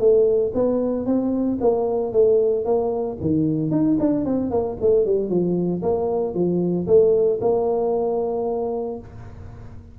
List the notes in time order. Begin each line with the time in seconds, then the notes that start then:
0.00 A3
0.55 B3
1.06 C4
1.61 A#3
2.13 A3
2.65 A#3
3.21 D#3
3.71 D#4
4.00 D4
4.26 C4
4.51 A#3
4.82 A3
5.06 G3
5.30 F3
5.83 A#3
6.34 F3
6.88 A3
7.41 A#3